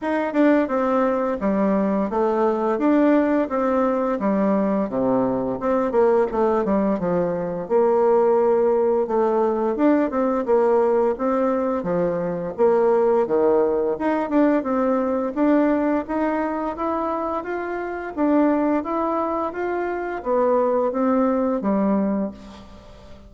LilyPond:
\new Staff \with { instrumentName = "bassoon" } { \time 4/4 \tempo 4 = 86 dis'8 d'8 c'4 g4 a4 | d'4 c'4 g4 c4 | c'8 ais8 a8 g8 f4 ais4~ | ais4 a4 d'8 c'8 ais4 |
c'4 f4 ais4 dis4 | dis'8 d'8 c'4 d'4 dis'4 | e'4 f'4 d'4 e'4 | f'4 b4 c'4 g4 | }